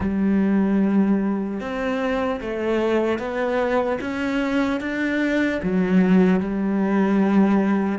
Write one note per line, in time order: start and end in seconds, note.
0.00 1.60 G3
1.60 2.40 C4
2.40 3.18 A3
3.18 3.98 B3
4.00 4.80 C#4
4.80 5.60 D4
5.63 6.40 F#3
6.40 7.98 G3